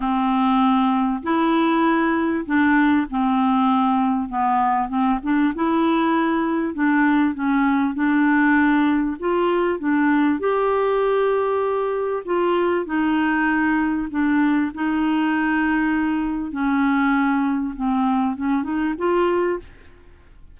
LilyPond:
\new Staff \with { instrumentName = "clarinet" } { \time 4/4 \tempo 4 = 98 c'2 e'2 | d'4 c'2 b4 | c'8 d'8 e'2 d'4 | cis'4 d'2 f'4 |
d'4 g'2. | f'4 dis'2 d'4 | dis'2. cis'4~ | cis'4 c'4 cis'8 dis'8 f'4 | }